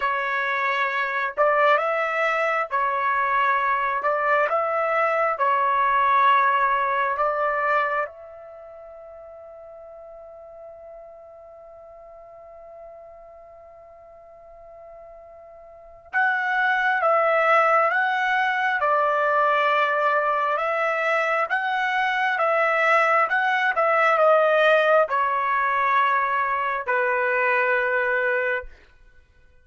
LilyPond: \new Staff \with { instrumentName = "trumpet" } { \time 4/4 \tempo 4 = 67 cis''4. d''8 e''4 cis''4~ | cis''8 d''8 e''4 cis''2 | d''4 e''2.~ | e''1~ |
e''2 fis''4 e''4 | fis''4 d''2 e''4 | fis''4 e''4 fis''8 e''8 dis''4 | cis''2 b'2 | }